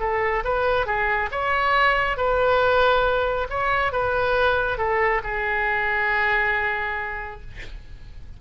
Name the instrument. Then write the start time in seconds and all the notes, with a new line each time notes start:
oboe
0.00 A4
0.44 B4
0.86 G#4
1.31 C#5
2.17 B4
3.49 C#5
3.92 B4
4.78 A4
5.23 G#4